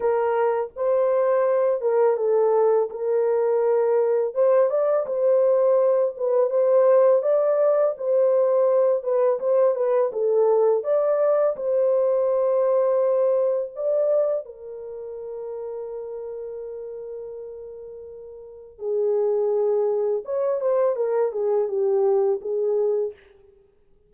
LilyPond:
\new Staff \with { instrumentName = "horn" } { \time 4/4 \tempo 4 = 83 ais'4 c''4. ais'8 a'4 | ais'2 c''8 d''8 c''4~ | c''8 b'8 c''4 d''4 c''4~ | c''8 b'8 c''8 b'8 a'4 d''4 |
c''2. d''4 | ais'1~ | ais'2 gis'2 | cis''8 c''8 ais'8 gis'8 g'4 gis'4 | }